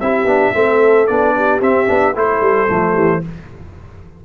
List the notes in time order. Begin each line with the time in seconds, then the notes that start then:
0.00 C4 E4 G4 E5
0.25 B3 D4
0.54 A3 C4 A4
1.07 B3 D4 D5
1.36 G4
1.61 C4 E5
1.87 B3 D4
2.15 A3 E4 A4 C5
2.41 G3
2.68 F3 A3
2.94 E3 G4